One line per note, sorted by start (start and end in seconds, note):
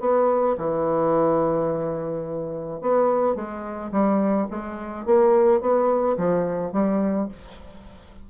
0.00 0.56 B3
0.57 2.81 E3
2.81 3.35 B3
3.35 3.91 G#3
3.92 4.48 G3
4.50 5.06 G#3
5.06 5.61 A#3
5.61 6.17 B3
6.17 6.72 F3
6.72 7.28 G3